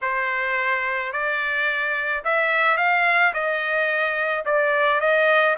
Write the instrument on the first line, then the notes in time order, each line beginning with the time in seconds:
trumpet
0.02 C5
1.12 D5
2.24 E5
2.77 F5
3.33 D#5
4.45 D5
5.00 D#5